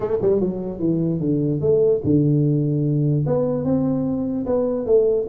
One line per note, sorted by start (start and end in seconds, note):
0.00 0.17 A3
0.21 0.40 G3
0.40 0.79 F#3
0.79 1.19 E3
1.20 1.60 D3
1.61 2.01 A3
2.04 3.25 D3
3.26 3.64 B3
3.64 4.45 C4
4.46 4.86 B3
4.86 5.26 A3